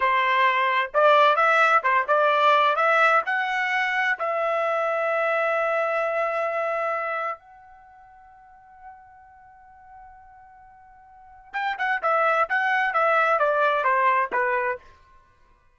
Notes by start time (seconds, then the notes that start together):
0.00 C5
0.94 D5
1.36 E5
1.83 C5
2.07 D5
2.75 E5
3.25 F#5
4.18 E5
7.38 F#5
11.53 G5
11.78 F#5
12.02 E5
12.49 F#5
12.93 E5
13.39 D5
13.83 C5
14.32 B4